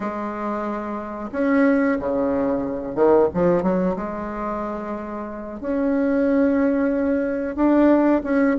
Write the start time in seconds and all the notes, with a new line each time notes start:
0.00 G#3
1.32 C#4
1.99 C#3
2.95 D#3
3.34 F3
3.62 F#3
3.96 G#3
5.60 C#4
7.55 D4
8.23 C#4